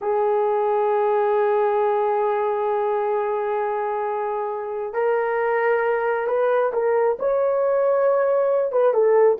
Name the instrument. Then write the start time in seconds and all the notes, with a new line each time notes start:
horn
0.01 G#4
4.93 A#4
6.27 B4
6.72 A#4
7.19 C#5
8.72 B4
8.93 A4